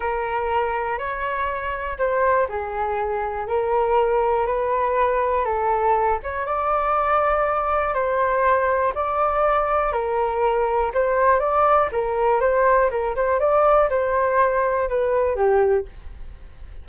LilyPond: \new Staff \with { instrumentName = "flute" } { \time 4/4 \tempo 4 = 121 ais'2 cis''2 | c''4 gis'2 ais'4~ | ais'4 b'2 a'4~ | a'8 cis''8 d''2. |
c''2 d''2 | ais'2 c''4 d''4 | ais'4 c''4 ais'8 c''8 d''4 | c''2 b'4 g'4 | }